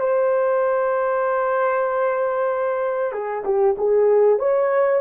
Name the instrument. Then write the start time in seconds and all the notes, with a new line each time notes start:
horn
0.00 C5
3.13 G#4
3.45 G4
3.78 G#4
4.39 C#5